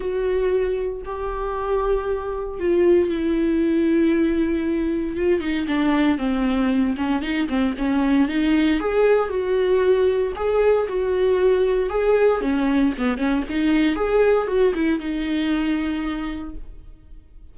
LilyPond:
\new Staff \with { instrumentName = "viola" } { \time 4/4 \tempo 4 = 116 fis'2 g'2~ | g'4 f'4 e'2~ | e'2 f'8 dis'8 d'4 | c'4. cis'8 dis'8 c'8 cis'4 |
dis'4 gis'4 fis'2 | gis'4 fis'2 gis'4 | cis'4 b8 cis'8 dis'4 gis'4 | fis'8 e'8 dis'2. | }